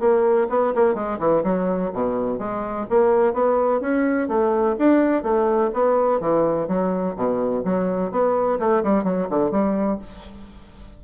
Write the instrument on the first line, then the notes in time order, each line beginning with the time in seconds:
bassoon
0.00 A#3
0.50 B3
0.75 A#3
0.95 G#3
1.19 E3
1.44 F#3
1.94 B2
2.39 G#3
2.90 A#3
3.33 B3
3.81 C#4
4.28 A3
4.79 D4
5.23 A3
5.73 B3
6.20 E3
6.68 F#3
7.16 B2
7.65 F#3
8.11 B3
8.60 A3
8.84 G3
9.04 F#3
9.30 D3
9.51 G3